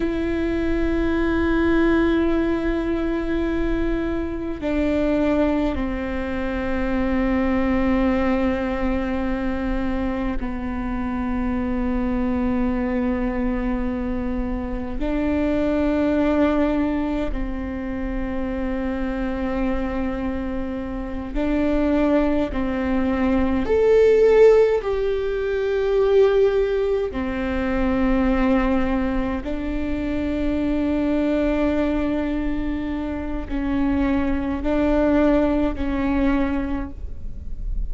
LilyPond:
\new Staff \with { instrumentName = "viola" } { \time 4/4 \tempo 4 = 52 e'1 | d'4 c'2.~ | c'4 b2.~ | b4 d'2 c'4~ |
c'2~ c'8 d'4 c'8~ | c'8 a'4 g'2 c'8~ | c'4. d'2~ d'8~ | d'4 cis'4 d'4 cis'4 | }